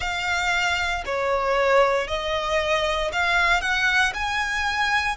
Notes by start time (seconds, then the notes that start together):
0.00 F5
1.05 C#5
2.07 D#5
3.12 F5
3.61 F#5
4.14 G#5